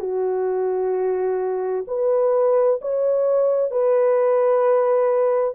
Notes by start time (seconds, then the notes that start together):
0.00 F#4
1.87 B4
2.81 C#5
3.70 B4